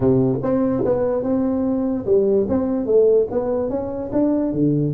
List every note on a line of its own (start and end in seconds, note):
0.00 0.39 C3
0.42 0.83 C4
0.84 1.23 B3
1.23 2.05 C4
2.05 2.47 G3
2.49 2.86 C4
2.86 3.27 A3
3.30 3.69 B3
3.69 4.10 C#4
4.12 4.52 D4
4.52 4.93 D3